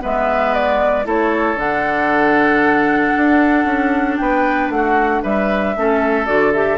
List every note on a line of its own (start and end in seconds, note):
0.00 1.06 G#3
0.00 1.04 B3
0.00 1.06 B4
0.00 0.54 E5
0.54 1.07 D5
1.04 1.55 A3
1.04 1.57 E4
1.04 4.19 A4
1.04 1.59 C#5
1.55 3.12 D3
1.55 5.76 D4
1.55 4.17 F#5
3.17 3.65 D4
3.65 4.17 C#4
4.17 4.69 B3
4.17 4.73 B4
4.17 4.70 G5
4.69 5.22 A3
4.69 5.22 F#5
4.76 5.23 F#4
5.23 5.77 G3
5.23 5.75 B4
5.23 6.27 E5
5.77 6.28 A3
5.77 6.27 C#4
5.77 6.78 A4
6.27 6.78 D3
6.27 6.53 F#4
6.27 6.53 D5
6.53 6.78 G4
6.53 6.78 E5